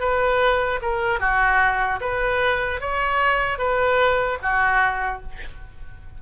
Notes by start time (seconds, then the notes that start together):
0.00 B4
0.82 A#4
1.20 F#4
2.00 B4
2.81 C#5
3.58 B4
4.42 F#4